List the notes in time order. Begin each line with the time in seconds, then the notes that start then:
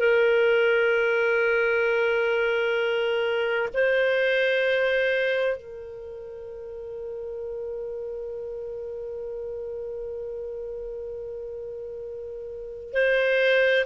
0.00 A#4
3.74 C5
5.57 A#4
12.94 C5